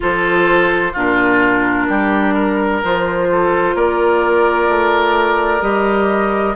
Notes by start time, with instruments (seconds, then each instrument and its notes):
0.00 bassoon F3, clarinet F4, oboe A4, flute C5
0.93 bassoon A#2, clarinet D4, oboe F4, flute A#4
1.88 bassoon G3, oboe G4
2.34 oboe A#4
2.83 bassoon F3, clarinet F4, flute C5
3.31 oboe A4
3.74 bassoon A#3, oboe A#4, flute D5
4.68 bassoon A3
5.60 bassoon G3, clarinet G4, flute D#5